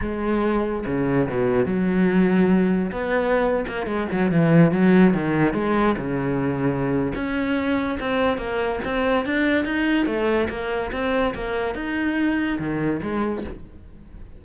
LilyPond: \new Staff \with { instrumentName = "cello" } { \time 4/4 \tempo 4 = 143 gis2 cis4 b,4 | fis2. b4~ | b8. ais8 gis8 fis8 e4 fis8.~ | fis16 dis4 gis4 cis4.~ cis16~ |
cis4 cis'2 c'4 | ais4 c'4 d'4 dis'4 | a4 ais4 c'4 ais4 | dis'2 dis4 gis4 | }